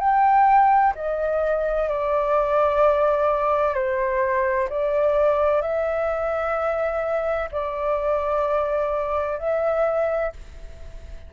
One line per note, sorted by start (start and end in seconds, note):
0.00 0.94 G5
0.95 1.89 D#5
1.89 3.75 D5
3.75 4.68 C5
4.69 5.62 D5
5.62 7.49 E5
7.52 9.39 D5
9.39 10.33 E5